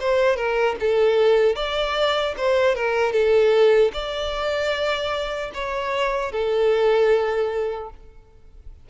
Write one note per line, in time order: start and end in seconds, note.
0.00 0.36 C5
0.36 0.76 A#4
0.80 1.56 A4
1.56 2.35 D5
2.37 2.75 C5
2.75 3.13 A#4
3.13 3.92 A4
3.93 5.51 D5
5.54 6.32 C#5
6.32 7.90 A4